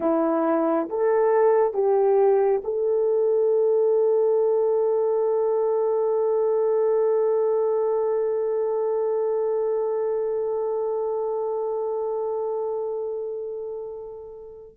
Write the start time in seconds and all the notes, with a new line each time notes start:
0.00 E4
0.89 A4
1.73 G4
2.64 A4